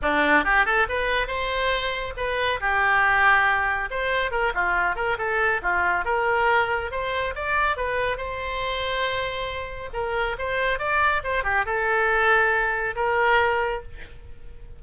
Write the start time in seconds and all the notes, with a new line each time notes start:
0.02 D4
0.44 G4
0.65 A4
0.88 B4
1.27 C5
2.16 B4
2.60 G4
3.90 C5
4.31 A#4
4.54 F4
4.95 A#4
5.18 A4
5.62 F4
6.04 A#4
6.91 C5
7.35 D5
7.76 B4
8.17 C5
9.93 A#4
10.38 C5
10.78 D5
11.23 C5
11.43 G4
11.65 A4
12.95 A#4